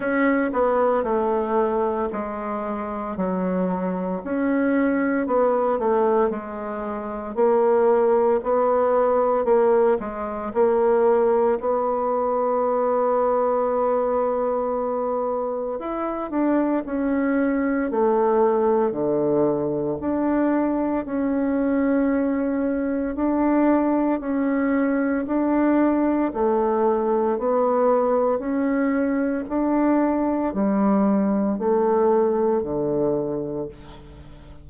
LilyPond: \new Staff \with { instrumentName = "bassoon" } { \time 4/4 \tempo 4 = 57 cis'8 b8 a4 gis4 fis4 | cis'4 b8 a8 gis4 ais4 | b4 ais8 gis8 ais4 b4~ | b2. e'8 d'8 |
cis'4 a4 d4 d'4 | cis'2 d'4 cis'4 | d'4 a4 b4 cis'4 | d'4 g4 a4 d4 | }